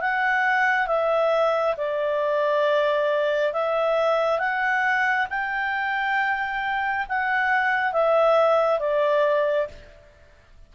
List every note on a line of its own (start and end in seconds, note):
0.00 0.87 F#5
0.87 1.75 E5
1.76 3.53 D5
3.53 4.39 E5
4.39 5.27 F#5
5.29 7.06 G5
7.08 7.92 F#5
7.92 8.79 E5
8.79 9.67 D5